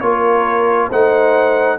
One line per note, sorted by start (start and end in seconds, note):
0.00 0.89 A#3
0.00 0.91 F4
0.00 0.88 A#4
0.00 0.88 C#5
0.88 1.78 A3
0.88 1.79 D#4
0.88 1.77 C5
0.88 1.79 F#5